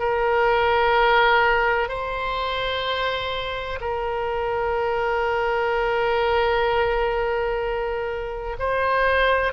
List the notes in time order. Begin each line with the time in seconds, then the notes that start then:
0.00 A#4
1.89 C5
3.81 A#4
8.59 C5